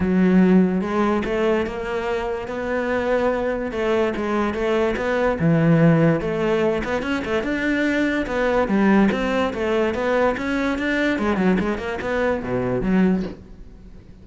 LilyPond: \new Staff \with { instrumentName = "cello" } { \time 4/4 \tempo 4 = 145 fis2 gis4 a4 | ais2 b2~ | b4 a4 gis4 a4 | b4 e2 a4~ |
a8 b8 cis'8 a8 d'2 | b4 g4 c'4 a4 | b4 cis'4 d'4 gis8 fis8 | gis8 ais8 b4 b,4 fis4 | }